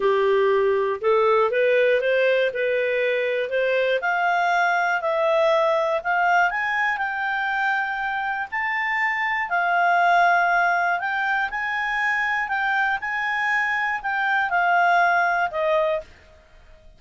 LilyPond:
\new Staff \with { instrumentName = "clarinet" } { \time 4/4 \tempo 4 = 120 g'2 a'4 b'4 | c''4 b'2 c''4 | f''2 e''2 | f''4 gis''4 g''2~ |
g''4 a''2 f''4~ | f''2 g''4 gis''4~ | gis''4 g''4 gis''2 | g''4 f''2 dis''4 | }